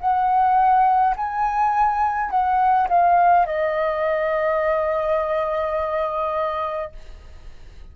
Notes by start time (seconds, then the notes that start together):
0.00 F#5
1.16 G#5
2.31 F#5
2.89 F5
3.46 D#5